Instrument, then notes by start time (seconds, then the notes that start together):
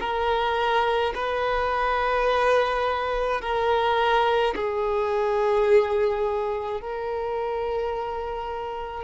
violin
0.00 A#4
1.15 B4
3.41 A#4
4.55 G#4
6.81 A#4